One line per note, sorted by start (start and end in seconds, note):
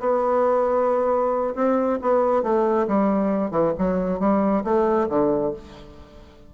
0.00 1.54 B3
1.55 1.99 C4
2.02 2.43 B3
2.43 2.87 A3
2.88 3.51 G3
3.51 3.73 E3
3.78 4.20 F#3
4.20 4.64 G3
4.64 5.08 A3
5.09 5.53 D3